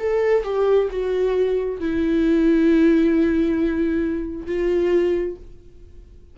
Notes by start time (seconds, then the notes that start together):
0.00 A4
0.44 G4
0.90 F#4
1.80 E4
4.47 F4